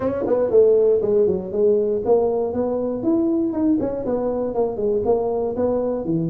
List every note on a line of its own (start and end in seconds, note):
0.00 0.25 C#4
0.26 0.50 B3
0.50 1.00 A3
1.01 1.26 G#3
1.26 1.51 F#3
1.51 2.02 G#3
2.05 2.53 A#3
2.53 3.03 B3
3.03 3.52 E4
3.52 3.77 D#4
3.80 4.05 C#4
4.05 4.54 B3
4.54 4.76 A#3
4.76 5.02 G#3
5.05 5.55 A#3
5.56 6.04 B3
6.04 6.30 E3